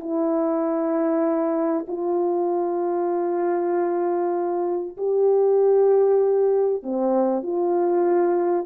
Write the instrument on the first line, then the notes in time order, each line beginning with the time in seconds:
horn
0.00 E4
1.88 F4
4.97 G4
6.83 C4
7.43 F4